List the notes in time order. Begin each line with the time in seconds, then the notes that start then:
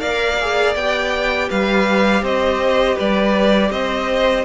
0.00 A#3 A#4 D5 F5
0.41 G#4
0.75 B3 G4 G5
1.48 G3 B4 F5
2.22 C4 C5 D#5
2.95 G3 B4 D5
3.70 C4 C5 D#5